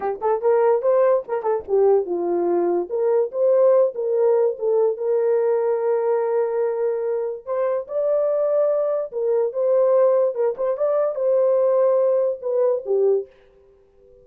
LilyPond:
\new Staff \with { instrumentName = "horn" } { \time 4/4 \tempo 4 = 145 g'8 a'8 ais'4 c''4 ais'8 a'8 | g'4 f'2 ais'4 | c''4. ais'4. a'4 | ais'1~ |
ais'2 c''4 d''4~ | d''2 ais'4 c''4~ | c''4 ais'8 c''8 d''4 c''4~ | c''2 b'4 g'4 | }